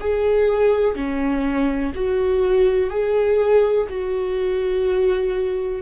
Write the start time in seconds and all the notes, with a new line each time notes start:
0.00 G#4
0.95 C#4
1.95 F#4
2.90 G#4
3.89 F#4